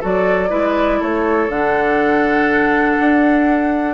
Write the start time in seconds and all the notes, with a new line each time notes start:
0.00 F#3 F#4 A4 D5
0.49 G#3 E4 B4
0.99 A3 A4 C#5
1.48 D3 D4 F#5
3.00 D4